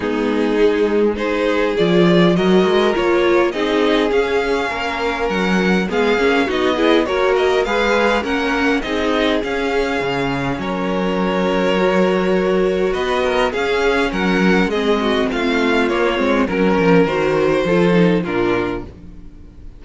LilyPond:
<<
  \new Staff \with { instrumentName = "violin" } { \time 4/4 \tempo 4 = 102 gis'2 c''4 d''4 | dis''4 cis''4 dis''4 f''4~ | f''4 fis''4 f''4 dis''4 | cis''8 dis''8 f''4 fis''4 dis''4 |
f''2 cis''2~ | cis''2 dis''4 f''4 | fis''4 dis''4 f''4 cis''4 | ais'4 c''2 ais'4 | }
  \new Staff \with { instrumentName = "violin" } { \time 4/4 dis'2 gis'2 | ais'2 gis'2 | ais'2 gis'4 fis'8 gis'8 | ais'4 b'4 ais'4 gis'4~ |
gis'2 ais'2~ | ais'2 b'8 ais'8 gis'4 | ais'4 gis'8 fis'8 f'2 | ais'2 a'4 f'4 | }
  \new Staff \with { instrumentName = "viola" } { \time 4/4 b4 gis4 dis'4 f'4 | fis'4 f'4 dis'4 cis'4~ | cis'2 b8 cis'8 dis'8 e'8 | fis'4 gis'4 cis'4 dis'4 |
cis'1 | fis'2. cis'4~ | cis'4 c'2 ais8 c'8 | cis'4 fis'4 f'8 dis'8 d'4 | }
  \new Staff \with { instrumentName = "cello" } { \time 4/4 gis2. f4 | fis8 gis8 ais4 c'4 cis'4 | ais4 fis4 gis8 ais8 b4 | ais4 gis4 ais4 c'4 |
cis'4 cis4 fis2~ | fis2 b4 cis'4 | fis4 gis4 a4 ais8 gis8 | fis8 f8 dis4 f4 ais,4 | }
>>